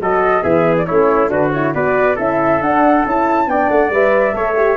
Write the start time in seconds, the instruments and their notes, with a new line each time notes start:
0.00 tuba F#3, horn F#4, trumpet A4, flute D#5
0.43 tuba E3, horn B3, trumpet G#4, flute E5
0.78 flute D5
0.86 tuba A3, horn C#4, trumpet E4, flute C#5
1.28 tuba D3, horn D4, trumpet F#4, flute B4
1.52 horn E4, flute C#5
1.74 tuba B3, horn F#4, trumpet B4, flute D5
2.16 tuba C#4, horn E4, trumpet A4, flute E5
2.61 tuba D4, horn D4, flute F#5
3.05 tuba C#4, horn E4, flute A5
3.47 tuba B3, horn D4, trumpet D5, flute G5
3.69 tuba A3, flute F#5
3.90 tuba G3, horn B4, flute E5
4.34 tuba A3, horn A4, trumpet C#5
4.56 horn G4